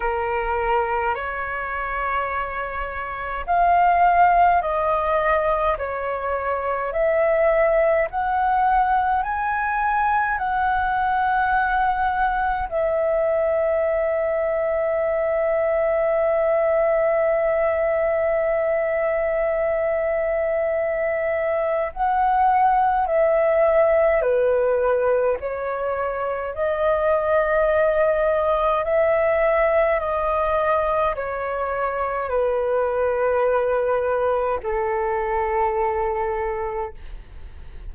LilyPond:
\new Staff \with { instrumentName = "flute" } { \time 4/4 \tempo 4 = 52 ais'4 cis''2 f''4 | dis''4 cis''4 e''4 fis''4 | gis''4 fis''2 e''4~ | e''1~ |
e''2. fis''4 | e''4 b'4 cis''4 dis''4~ | dis''4 e''4 dis''4 cis''4 | b'2 a'2 | }